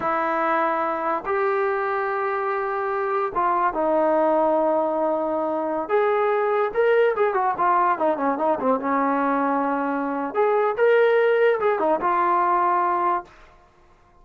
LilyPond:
\new Staff \with { instrumentName = "trombone" } { \time 4/4 \tempo 4 = 145 e'2. g'4~ | g'1 | f'4 dis'2.~ | dis'2~ dis'16 gis'4.~ gis'16~ |
gis'16 ais'4 gis'8 fis'8 f'4 dis'8 cis'16~ | cis'16 dis'8 c'8 cis'2~ cis'8.~ | cis'4 gis'4 ais'2 | gis'8 dis'8 f'2. | }